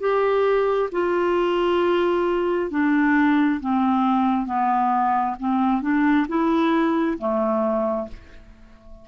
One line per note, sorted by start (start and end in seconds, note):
0.00 0.90 G4
0.92 2.71 F4
2.71 3.60 D4
3.61 4.47 C4
4.47 5.36 B3
5.39 5.82 C4
5.82 6.26 D4
6.28 7.18 E4
7.18 8.08 A3